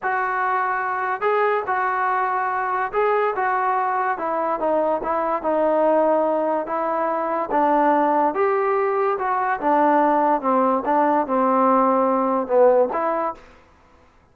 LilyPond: \new Staff \with { instrumentName = "trombone" } { \time 4/4 \tempo 4 = 144 fis'2. gis'4 | fis'2. gis'4 | fis'2 e'4 dis'4 | e'4 dis'2. |
e'2 d'2 | g'2 fis'4 d'4~ | d'4 c'4 d'4 c'4~ | c'2 b4 e'4 | }